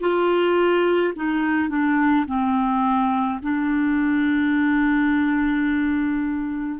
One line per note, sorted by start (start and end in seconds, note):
0.00 1.13 F4
1.15 1.69 D#4
1.69 2.25 D4
2.26 3.40 C4
3.42 6.79 D4